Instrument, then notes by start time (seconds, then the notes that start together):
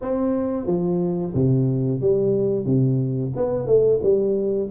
tuba
0.01 C4
0.66 F3
1.34 C3
2.00 G3
2.65 C3
3.35 B3
3.66 A3
4.02 G3